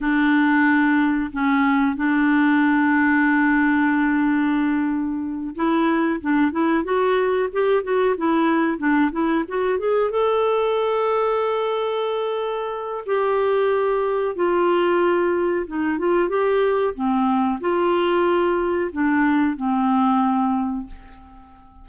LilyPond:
\new Staff \with { instrumentName = "clarinet" } { \time 4/4 \tempo 4 = 92 d'2 cis'4 d'4~ | d'1~ | d'8 e'4 d'8 e'8 fis'4 g'8 | fis'8 e'4 d'8 e'8 fis'8 gis'8 a'8~ |
a'1 | g'2 f'2 | dis'8 f'8 g'4 c'4 f'4~ | f'4 d'4 c'2 | }